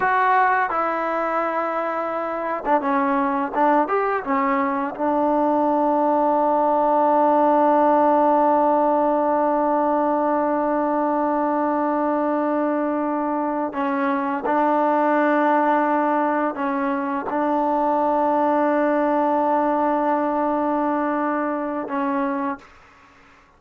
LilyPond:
\new Staff \with { instrumentName = "trombone" } { \time 4/4 \tempo 4 = 85 fis'4 e'2~ e'8. d'16 | cis'4 d'8 g'8 cis'4 d'4~ | d'1~ | d'1~ |
d'2.~ d'8 cis'8~ | cis'8 d'2. cis'8~ | cis'8 d'2.~ d'8~ | d'2. cis'4 | }